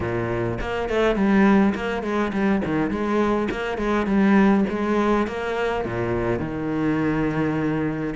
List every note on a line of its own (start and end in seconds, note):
0.00 0.58 A#2
0.60 0.89 A#3
0.89 1.15 A3
1.15 1.73 G3
1.74 2.03 A#3
2.03 2.32 G#3
2.32 2.62 G3
2.65 2.90 D#3
2.90 3.48 G#3
3.50 3.77 A#3
3.77 4.06 G#3
4.06 4.64 G3
4.69 5.27 G#3
5.27 5.84 A#3
5.84 6.39 A#2
6.39 8.14 D#3